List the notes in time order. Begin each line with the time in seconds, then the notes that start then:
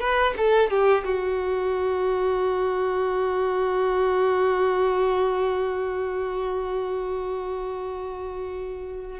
0.00 B4
0.37 A4
0.70 G4
1.04 F#4